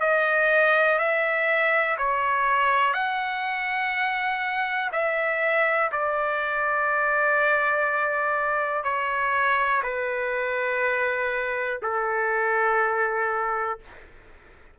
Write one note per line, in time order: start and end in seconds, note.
0.00 0.98 D#5
0.99 1.97 E5
1.98 2.93 C#5
2.93 4.90 F#5
4.92 5.91 E5
5.92 8.84 D5
8.84 9.82 C#5
9.83 11.80 B4
11.83 13.79 A4